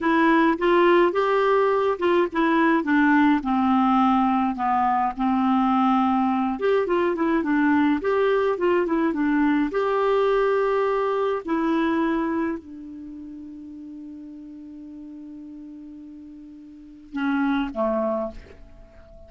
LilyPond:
\new Staff \with { instrumentName = "clarinet" } { \time 4/4 \tempo 4 = 105 e'4 f'4 g'4. f'8 | e'4 d'4 c'2 | b4 c'2~ c'8 g'8 | f'8 e'8 d'4 g'4 f'8 e'8 |
d'4 g'2. | e'2 d'2~ | d'1~ | d'2 cis'4 a4 | }